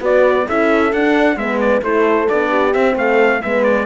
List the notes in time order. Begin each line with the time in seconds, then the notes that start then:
0.00 B3 F#4 B4 D5
0.46 C#4 E4 A4 E5
0.92 D4 F#5
1.36 G#3 B3 B4 E5
1.60 D5
1.82 A3 E4 A4 C5
2.29 B3 D4 D5
2.49 G4
2.73 C4 E5
2.95 A3 A4 F5
3.42 G#3 B3 B4 E5
3.64 D5